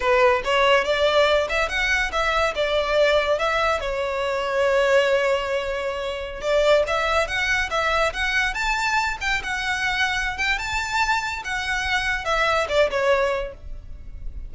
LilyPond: \new Staff \with { instrumentName = "violin" } { \time 4/4 \tempo 4 = 142 b'4 cis''4 d''4. e''8 | fis''4 e''4 d''2 | e''4 cis''2.~ | cis''2.~ cis''16 d''8.~ |
d''16 e''4 fis''4 e''4 fis''8.~ | fis''16 a''4. g''8 fis''4.~ fis''16~ | fis''8 g''8 a''2 fis''4~ | fis''4 e''4 d''8 cis''4. | }